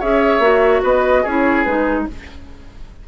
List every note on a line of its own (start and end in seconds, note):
0.00 0.40 C#4
0.00 0.42 G#4
0.00 0.82 C#5
0.00 0.83 E5
0.40 0.81 A#3
0.40 1.25 F#4
0.83 1.25 B3
0.83 1.23 B4
0.83 1.26 D#5
1.23 1.66 C#4
1.23 1.67 E4
1.23 2.05 G#4
1.23 1.64 C#5
1.64 2.08 G#3
1.64 2.08 D#4
1.64 2.05 B4